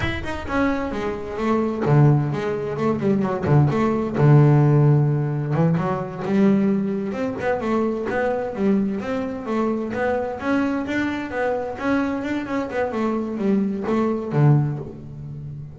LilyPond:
\new Staff \with { instrumentName = "double bass" } { \time 4/4 \tempo 4 = 130 e'8 dis'8 cis'4 gis4 a4 | d4 gis4 a8 g8 fis8 d8 | a4 d2. | e8 fis4 g2 c'8 |
b8 a4 b4 g4 c'8~ | c'8 a4 b4 cis'4 d'8~ | d'8 b4 cis'4 d'8 cis'8 b8 | a4 g4 a4 d4 | }